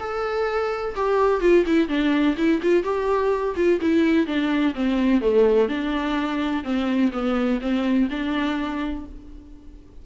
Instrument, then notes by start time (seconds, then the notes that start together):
viola
0.00 A4
0.95 G4
1.41 F4
1.66 E4
1.88 D4
2.37 E4
2.62 F4
2.84 G4
3.56 F4
3.81 E4
4.27 D4
4.74 C4
5.21 A3
5.69 D4
6.64 C4
7.12 B3
7.61 C4
8.10 D4